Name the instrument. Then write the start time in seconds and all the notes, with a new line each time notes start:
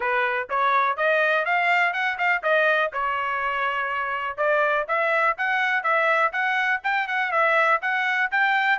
trumpet
0.00 B4
0.49 C#5
0.96 D#5
1.45 F5
1.93 F#5
2.18 F5
2.43 D#5
2.92 C#5
4.37 D5
4.88 E5
5.37 F#5
5.83 E5
6.32 F#5
6.83 G5
7.07 F#5
7.31 E5
7.81 F#5
8.31 G5